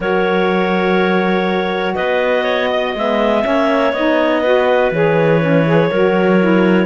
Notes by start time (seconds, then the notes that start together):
0.00 F#3 F#4 A#4 C#5
1.94 B3 B4 D#5
2.43 C#5
2.69 D#5
2.94 G#3 B3 E5
3.43 A#3 C#4 C#5
3.92 B3 D#4 D#5
4.41 F#4 B4
4.91 E3 G#4 C#5
5.40 C#4
5.66 G#4
5.90 F#3 F#4 A#4
6.39 E4